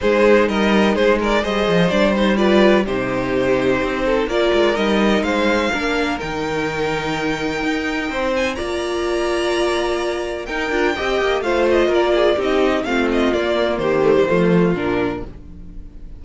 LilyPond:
<<
  \new Staff \with { instrumentName = "violin" } { \time 4/4 \tempo 4 = 126 c''4 dis''4 c''8 d''8 dis''4 | d''8 c''8 d''4 c''2~ | c''4 d''4 dis''4 f''4~ | f''4 g''2.~ |
g''4. gis''8 ais''2~ | ais''2 g''2 | f''8 dis''8 d''4 dis''4 f''8 dis''8 | d''4 c''2 ais'4 | }
  \new Staff \with { instrumentName = "violin" } { \time 4/4 gis'4 ais'4 gis'8 ais'8 c''4~ | c''4 b'4 g'2~ | g'8 a'8 ais'2 c''4 | ais'1~ |
ais'4 c''4 d''2~ | d''2 ais'4 dis''4 | c''4 ais'8 gis'8 g'4 f'4~ | f'4 g'4 f'2 | }
  \new Staff \with { instrumentName = "viola" } { \time 4/4 dis'2. gis'4 | d'8 dis'8 f'4 dis'2~ | dis'4 f'4 dis'2 | d'4 dis'2.~ |
dis'2 f'2~ | f'2 dis'8 f'8 g'4 | f'2 dis'4 c'4 | ais4. a16 g16 a4 d'4 | }
  \new Staff \with { instrumentName = "cello" } { \time 4/4 gis4 g4 gis4 g8 f8 | g2 c2 | c'4 ais8 gis8 g4 gis4 | ais4 dis2. |
dis'4 c'4 ais2~ | ais2 dis'8 d'8 c'8 ais8 | a4 ais4 c'4 a4 | ais4 dis4 f4 ais,4 | }
>>